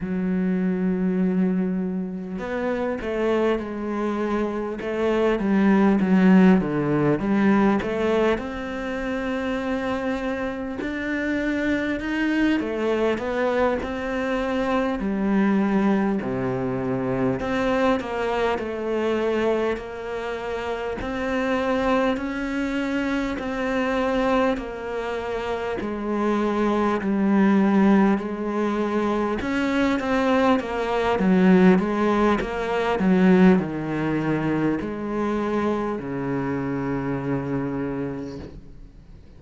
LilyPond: \new Staff \with { instrumentName = "cello" } { \time 4/4 \tempo 4 = 50 fis2 b8 a8 gis4 | a8 g8 fis8 d8 g8 a8 c'4~ | c'4 d'4 dis'8 a8 b8 c'8~ | c'8 g4 c4 c'8 ais8 a8~ |
a8 ais4 c'4 cis'4 c'8~ | c'8 ais4 gis4 g4 gis8~ | gis8 cis'8 c'8 ais8 fis8 gis8 ais8 fis8 | dis4 gis4 cis2 | }